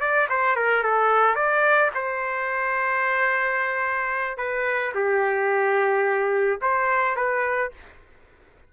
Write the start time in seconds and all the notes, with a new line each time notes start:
0.00 D5
0.29 C5
0.56 A#4
0.83 A4
1.35 D5
1.94 C5
4.37 B4
4.94 G4
6.61 C5
7.16 B4